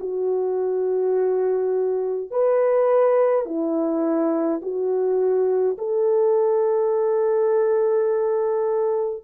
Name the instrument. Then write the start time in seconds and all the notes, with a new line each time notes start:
horn
0.00 F#4
2.31 B4
3.46 E4
4.62 F#4
5.78 A4